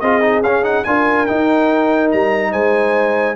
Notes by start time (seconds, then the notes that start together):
0.00 C4 F4 G#4 D#5
0.21 D#4
0.42 C#4 F5
0.63 D#4 F#5
0.84 D4 F4 A#4 G#5
1.26 D#4 G5
2.12 G3 A#5
2.51 G#3 C5 G#5